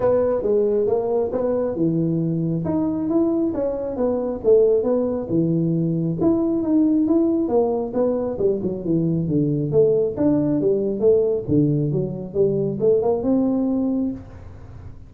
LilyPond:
\new Staff \with { instrumentName = "tuba" } { \time 4/4 \tempo 4 = 136 b4 gis4 ais4 b4 | e2 dis'4 e'4 | cis'4 b4 a4 b4 | e2 e'4 dis'4 |
e'4 ais4 b4 g8 fis8 | e4 d4 a4 d'4 | g4 a4 d4 fis4 | g4 a8 ais8 c'2 | }